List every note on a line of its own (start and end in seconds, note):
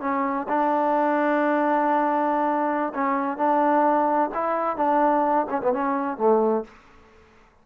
0.00 0.47 C#4
0.48 2.92 D4
2.94 3.37 C#4
3.37 4.30 D4
4.34 4.76 E4
4.76 5.46 D4
5.49 5.61 C#4
5.62 5.73 B3
5.73 6.17 C#4
6.17 6.64 A3